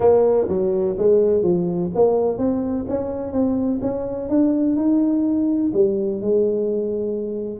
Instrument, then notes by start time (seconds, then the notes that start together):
tuba
0.00 A#3
0.48 F#3
0.98 G#3
1.43 F3
1.94 A#3
2.37 C4
2.88 C#4
3.32 C4
3.81 C#4
4.29 D4
4.76 D#4
5.73 G3
6.21 G#3